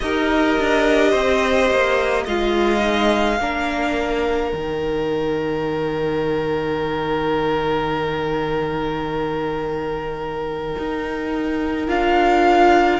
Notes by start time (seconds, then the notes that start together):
0.00 D#4 G4 A#4 D#5
0.58 D4
1.10 C4 C5
1.70 A#3
2.24 G#3 F4 D#5 F5
2.79 D#4
3.39 A#3 D4 A#4
4.52 D#3 D#4 G5
10.78 D#4
11.87 D4 F4 F5